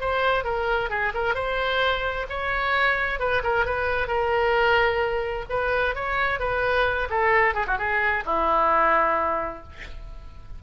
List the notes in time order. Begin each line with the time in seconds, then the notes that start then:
0.00 C5
0.44 A#4
0.90 G#4
1.14 A#4
1.34 C5
2.29 C#5
3.19 B4
3.43 A#4
3.65 B4
4.07 A#4
5.49 B4
5.95 C#5
6.39 B4
7.10 A4
7.54 G#4
7.67 F#4
7.78 G#4
8.25 E4